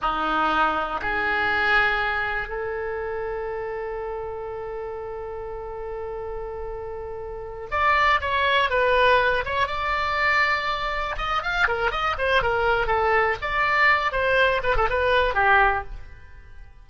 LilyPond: \new Staff \with { instrumentName = "oboe" } { \time 4/4 \tempo 4 = 121 dis'2 gis'2~ | gis'4 a'2.~ | a'1~ | a'2.~ a'8 d''8~ |
d''8 cis''4 b'4. cis''8 d''8~ | d''2~ d''8 dis''8 f''8 ais'8 | dis''8 c''8 ais'4 a'4 d''4~ | d''8 c''4 b'16 a'16 b'4 g'4 | }